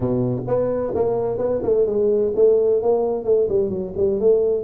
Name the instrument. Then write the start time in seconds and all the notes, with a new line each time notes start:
tuba
0.00 B2
0.47 B3
0.95 A#3
1.37 B3
1.63 A3
1.86 G#3
2.35 A3
2.82 A#3
3.24 A3
3.49 G3
3.69 F#3
3.96 G3
4.20 A3